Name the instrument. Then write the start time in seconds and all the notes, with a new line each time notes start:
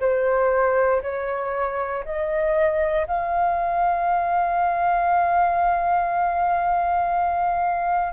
flute
0.00 C5
1.02 C#5
2.05 D#5
3.07 F5